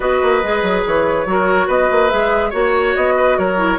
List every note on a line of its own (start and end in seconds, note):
0.00 0.21 B3
0.00 0.42 F#4
0.00 1.26 B4
0.00 0.83 D#5
0.22 0.43 A#3
0.42 0.62 G#3
0.42 1.27 G#4
0.62 0.83 F#3
0.86 1.25 E3
0.86 1.69 C#5
1.25 1.68 F#3
1.25 2.10 F#4
1.25 1.67 A#4
1.67 1.89 B3
1.67 2.50 B4
1.67 2.09 D#5
1.91 2.12 A#3
2.09 2.53 G#3
2.09 2.52 G#4
2.09 2.51 E5
2.50 2.95 A#3
2.50 3.57 F#4
2.50 3.13 C#5
2.50 2.95 C#5
2.95 3.37 B3
2.95 3.38 D#5
3.16 3.37 B4
3.37 3.78 F#3
3.37 3.78 A#4
3.37 3.78 C#5
3.57 3.78 E4